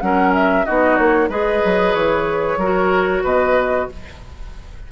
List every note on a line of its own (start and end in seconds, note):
0.00 0.66 F#3
0.00 0.65 C#4
0.00 0.66 A#4
0.00 0.32 F#5
0.33 0.65 E5
0.65 0.98 B3
0.65 1.30 D#4
0.65 1.29 F#4
0.65 0.96 D#5
0.96 1.29 A#3
0.96 1.28 C#5
1.29 1.61 G#3
1.29 2.59 G#4
1.29 2.58 B4
1.29 1.94 D#5
1.65 1.94 F#3
1.94 2.57 E3
1.94 3.23 C#5
2.57 3.22 F#3
2.57 3.91 F#4
2.57 3.23 A#4
3.23 3.88 B2
3.23 3.87 B4
3.23 3.89 D#5